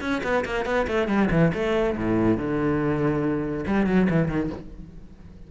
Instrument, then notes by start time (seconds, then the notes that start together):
cello
0.00 C#4
0.23 B3
0.44 A#3
0.65 B3
0.87 A3
1.07 G3
1.31 E3
1.53 A3
1.97 A2
2.37 D3
3.66 G3
3.86 F#3
4.09 E3
4.28 D#3